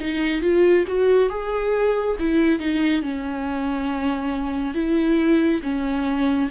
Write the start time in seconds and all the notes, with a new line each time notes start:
0.00 D#4
0.41 F4
0.87 F#4
1.29 G#4
2.19 E4
2.59 D#4
3.02 C#4
4.74 E4
5.62 C#4